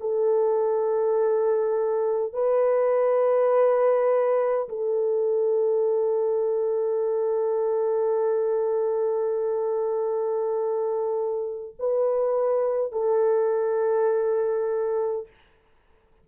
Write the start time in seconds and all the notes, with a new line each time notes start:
0.00 A4
2.33 B4
4.68 A4
11.79 B4
12.91 A4